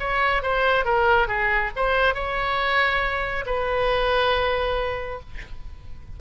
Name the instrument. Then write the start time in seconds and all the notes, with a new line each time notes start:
oboe
0.00 C#5
0.43 C5
0.85 A#4
1.28 G#4
1.76 C5
2.15 C#5
3.46 B4